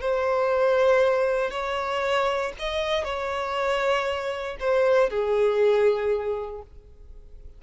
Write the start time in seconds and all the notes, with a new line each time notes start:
0.00 C5
1.50 C#5
2.59 D#5
3.04 C#5
4.60 C5
5.09 G#4